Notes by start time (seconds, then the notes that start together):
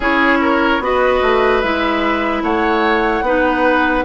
0.00 C#4 E4 G#4 C#5
0.41 A#4
0.79 B3 F#4 B4 D#5
1.22 A3
1.60 G#3 E4 E5
2.42 A3 C#5 F#5
3.21 B3 D#4 B4